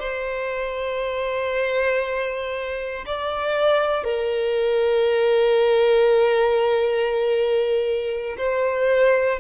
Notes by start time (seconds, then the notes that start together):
0.00 C5
3.06 D5
4.04 A#4
8.38 C5